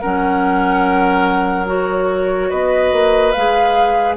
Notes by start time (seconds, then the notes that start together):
0.00 F#3 C#4 A#4 F#5
1.66 F#4 C#5
2.49 B3 B4 D#5
2.92 A#3
3.32 G#3 G#4 F5